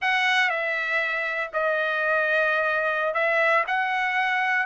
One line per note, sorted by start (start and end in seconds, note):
0.01 0.49 F#5
0.49 1.50 E5
1.53 3.14 D#5
3.14 3.64 E5
3.67 4.66 F#5